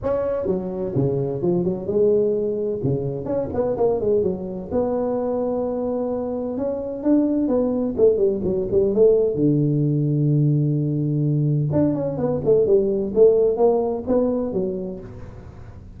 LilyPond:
\new Staff \with { instrumentName = "tuba" } { \time 4/4 \tempo 4 = 128 cis'4 fis4 cis4 f8 fis8 | gis2 cis4 cis'8 b8 | ais8 gis8 fis4 b2~ | b2 cis'4 d'4 |
b4 a8 g8 fis8 g8 a4 | d1~ | d4 d'8 cis'8 b8 a8 g4 | a4 ais4 b4 fis4 | }